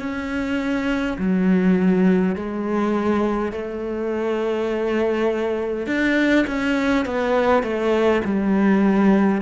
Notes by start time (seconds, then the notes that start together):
0.00 C#4
1.19 F#3
2.35 G#3
3.52 A3
5.87 D4
6.47 C#4
7.06 B3
7.63 A3
8.25 G3